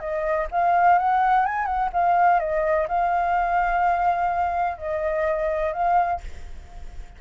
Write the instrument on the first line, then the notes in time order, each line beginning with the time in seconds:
flute
0.00 D#5
0.51 F5
0.99 F#5
1.46 G#5
1.66 F#5
1.93 F5
2.40 D#5
2.88 F5
4.77 D#5
5.73 F5